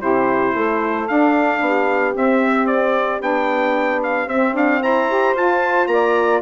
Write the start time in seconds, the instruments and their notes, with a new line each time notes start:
0.00 bassoon C3, saxophone E4 G4, trumpet C5
0.55 bassoon A3, saxophone A4
1.08 saxophone D4, bassoon D4, trumpet F5
1.61 bassoon B3, saxophone G4
2.14 saxophone C4, bassoon C4, trumpet E5
2.67 trumpet D5
3.21 bassoon B3, saxophone D4, trumpet G5
4.04 trumpet F5
4.27 bassoon C4, saxophone C4, trumpet E5
4.54 bassoon D4, trumpet F5
4.83 bassoon E4, saxophone C5, trumpet A#5
5.10 saxophone G4
5.35 bassoon F4, saxophone F4, trumpet A5
5.88 bassoon A#3, saxophone D5, trumpet A#5